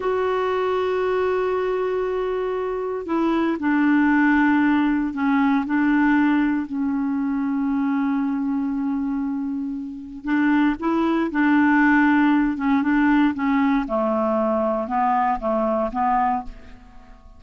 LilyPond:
\new Staff \with { instrumentName = "clarinet" } { \time 4/4 \tempo 4 = 117 fis'1~ | fis'2 e'4 d'4~ | d'2 cis'4 d'4~ | d'4 cis'2.~ |
cis'1 | d'4 e'4 d'2~ | d'8 cis'8 d'4 cis'4 a4~ | a4 b4 a4 b4 | }